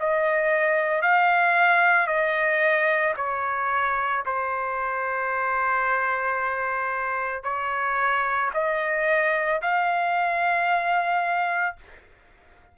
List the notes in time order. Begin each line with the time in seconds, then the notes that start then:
0.00 D#5
1.02 F5
2.07 D#5
3.17 C#5
4.26 C5
7.44 C#5
8.54 D#5
9.62 F5